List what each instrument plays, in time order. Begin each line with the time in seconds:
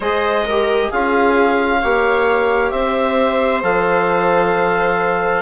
0.00 bassoon G#3, trombone G#4, viola C5, clarinet D#5
0.45 trombone G4, viola A#4
0.88 bassoon C#4, trombone F4, viola G#4, clarinet F5
1.80 bassoon A#3, trombone G4, viola C#5
2.70 bassoon C4, viola C5, clarinet E5
3.62 bassoon F3, trombone A4, clarinet F5